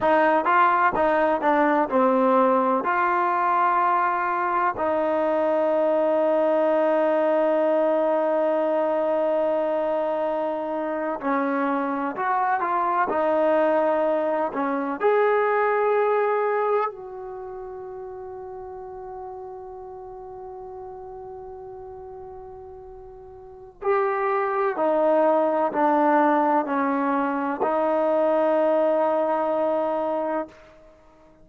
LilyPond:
\new Staff \with { instrumentName = "trombone" } { \time 4/4 \tempo 4 = 63 dis'8 f'8 dis'8 d'8 c'4 f'4~ | f'4 dis'2.~ | dis'2.~ dis'8. cis'16~ | cis'8. fis'8 f'8 dis'4. cis'8 gis'16~ |
gis'4.~ gis'16 fis'2~ fis'16~ | fis'1~ | fis'4 g'4 dis'4 d'4 | cis'4 dis'2. | }